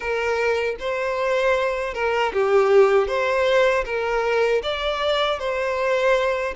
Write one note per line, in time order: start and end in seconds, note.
0.00 0.76 A#4
0.79 1.93 C5
1.93 2.32 A#4
2.33 3.07 G4
3.07 3.84 C5
3.85 4.62 A#4
4.62 5.39 D5
5.39 6.54 C5